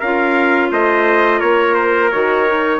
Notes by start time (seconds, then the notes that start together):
0.00 C#4 F4 A#4 F5
0.72 A3 C5 D#5
1.39 A#3 A#4 C#5
1.75 C5
2.11 D#3 F#4 C#5
2.47 D#4